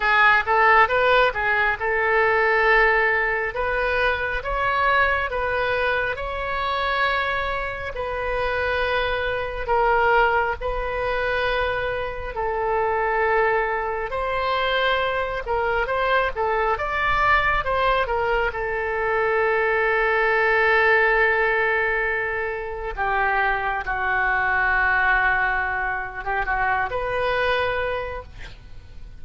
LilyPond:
\new Staff \with { instrumentName = "oboe" } { \time 4/4 \tempo 4 = 68 gis'8 a'8 b'8 gis'8 a'2 | b'4 cis''4 b'4 cis''4~ | cis''4 b'2 ais'4 | b'2 a'2 |
c''4. ais'8 c''8 a'8 d''4 | c''8 ais'8 a'2.~ | a'2 g'4 fis'4~ | fis'4.~ fis'16 g'16 fis'8 b'4. | }